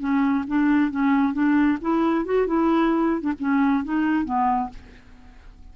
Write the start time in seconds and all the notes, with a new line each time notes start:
0.00 C#4
0.48 D4
0.91 C#4
1.34 D4
1.82 E4
2.26 F#4
2.47 E4
3.21 D4
3.40 C#4
3.84 D#4
4.25 B3